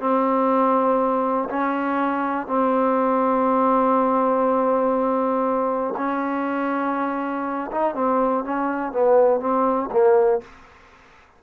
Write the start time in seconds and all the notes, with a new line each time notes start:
0.00 C4
1.50 C#4
2.47 C4
5.97 C#4
7.72 D#4
7.95 C4
8.45 C#4
8.92 B3
9.41 C4
9.92 A#3